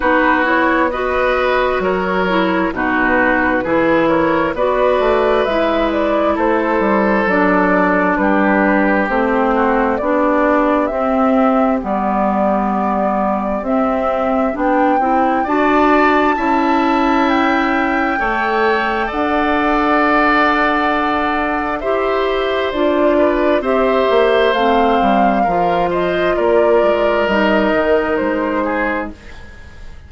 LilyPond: <<
  \new Staff \with { instrumentName = "flute" } { \time 4/4 \tempo 4 = 66 b'8 cis''8 dis''4 cis''4 b'4~ | b'8 cis''8 d''4 e''8 d''8 c''4 | d''4 b'4 c''4 d''4 | e''4 d''2 e''4 |
g''4 a''2 g''4~ | g''4 fis''2. | e''4 d''4 e''4 f''4~ | f''8 dis''8 d''4 dis''4 c''4 | }
  \new Staff \with { instrumentName = "oboe" } { \time 4/4 fis'4 b'4 ais'4 fis'4 | gis'8 ais'8 b'2 a'4~ | a'4 g'4. fis'8 g'4~ | g'1~ |
g'4 d''4 e''2 | cis''4 d''2. | c''4. b'8 c''2 | ais'8 c''8 ais'2~ ais'8 gis'8 | }
  \new Staff \with { instrumentName = "clarinet" } { \time 4/4 dis'8 e'8 fis'4. e'8 dis'4 | e'4 fis'4 e'2 | d'2 c'4 d'4 | c'4 b2 c'4 |
d'8 e'8 fis'4 e'2 | a'1 | g'4 f'4 g'4 c'4 | f'2 dis'2 | }
  \new Staff \with { instrumentName = "bassoon" } { \time 4/4 b2 fis4 b,4 | e4 b8 a8 gis4 a8 g8 | fis4 g4 a4 b4 | c'4 g2 c'4 |
b8 c'8 d'4 cis'2 | a4 d'2. | e'4 d'4 c'8 ais8 a8 g8 | f4 ais8 gis8 g8 dis8 gis4 | }
>>